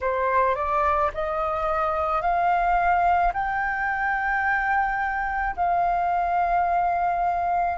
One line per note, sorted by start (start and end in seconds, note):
0.01 0.55 C5
0.55 1.11 D5
1.14 2.21 D#5
2.21 3.32 F5
3.33 5.55 G5
5.56 7.78 F5